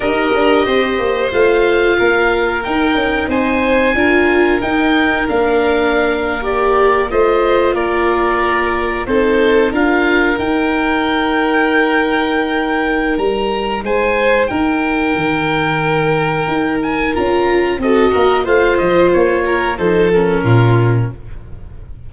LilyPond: <<
  \new Staff \with { instrumentName = "oboe" } { \time 4/4 \tempo 4 = 91 dis''2 f''2 | g''4 gis''2 g''4 | f''4.~ f''16 d''4 dis''4 d''16~ | d''4.~ d''16 c''4 f''4 g''16~ |
g''1 | ais''4 gis''4 g''2~ | g''4. gis''8 ais''4 dis''4 | f''8 dis''8 cis''4 c''8 ais'4. | }
  \new Staff \with { instrumentName = "violin" } { \time 4/4 ais'4 c''2 ais'4~ | ais'4 c''4 ais'2~ | ais'2~ ais'8. c''4 ais'16~ | ais'4.~ ais'16 a'4 ais'4~ ais'16~ |
ais'1~ | ais'4 c''4 ais'2~ | ais'2. a'8 ais'8 | c''4. ais'8 a'4 f'4 | }
  \new Staff \with { instrumentName = "viola" } { \time 4/4 g'2 f'2 | dis'2 f'4 dis'4 | d'4.~ d'16 g'4 f'4~ f'16~ | f'4.~ f'16 dis'4 f'4 dis'16~ |
dis'1~ | dis'1~ | dis'2 f'4 fis'4 | f'2 dis'8 cis'4. | }
  \new Staff \with { instrumentName = "tuba" } { \time 4/4 dis'8 d'8 c'8 ais8 a4 ais4 | dis'8 cis'8 c'4 d'4 dis'4 | ais2~ ais8. a4 ais16~ | ais4.~ ais16 c'4 d'4 dis'16~ |
dis'1 | g4 gis4 dis'4 dis4~ | dis4 dis'4 cis'4 c'8 ais8 | a8 f8 ais4 f4 ais,4 | }
>>